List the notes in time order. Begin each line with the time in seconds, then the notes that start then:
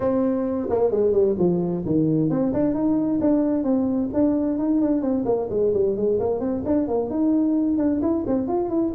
0.00 C4
0.69 A#3
0.90 G#3
1.12 G3
1.38 F3
1.85 D#3
2.29 C4
2.53 D4
2.74 D#4
3.20 D4
3.63 C4
4.13 D4
4.58 D#4
4.81 D4
5.01 C4
5.25 A#3
5.50 G#3
5.73 G3
5.96 G#3
6.19 A#3
6.40 C4
6.65 D4
6.87 A#3
7.10 D#4
7.77 D4
8.01 E4
8.26 C4
8.47 F4
8.69 E4